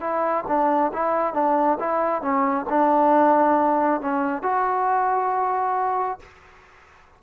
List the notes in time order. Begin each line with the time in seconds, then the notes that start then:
0.00 E4
0.47 D4
0.93 E4
1.34 D4
1.79 E4
2.21 C#4
2.69 D4
4.01 C#4
4.42 F#4